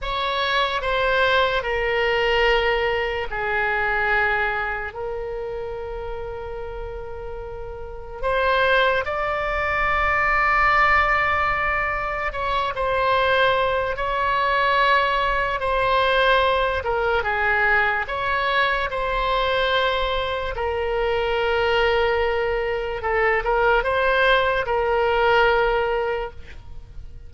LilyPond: \new Staff \with { instrumentName = "oboe" } { \time 4/4 \tempo 4 = 73 cis''4 c''4 ais'2 | gis'2 ais'2~ | ais'2 c''4 d''4~ | d''2. cis''8 c''8~ |
c''4 cis''2 c''4~ | c''8 ais'8 gis'4 cis''4 c''4~ | c''4 ais'2. | a'8 ais'8 c''4 ais'2 | }